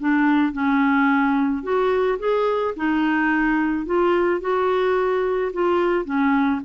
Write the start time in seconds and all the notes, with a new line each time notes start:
0.00 D4
0.53 C#4
1.64 F#4
2.19 G#4
2.77 D#4
3.86 F4
4.41 F#4
5.54 F4
6.05 C#4